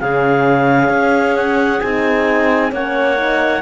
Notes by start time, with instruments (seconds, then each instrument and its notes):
0.00 cello C#3, horn C#4, clarinet G#4 F5
0.89 cello C#4
1.36 clarinet F#5
1.80 cello C4, horn D#4, clarinet G#5
2.72 cello A#3, horn C#4, clarinet C#5 F#5
3.16 horn D#4